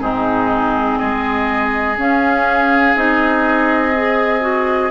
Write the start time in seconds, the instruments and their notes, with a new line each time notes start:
0.00 bassoon G#2, clarinet C4, oboe D#4, flute G#4
0.99 bassoon G#3, oboe G#4, flute D#5
1.98 bassoon C#4, clarinet C#4, flute F5
2.96 bassoon C4, clarinet D#4, flute D#5
3.95 clarinet G#4
4.41 clarinet F#4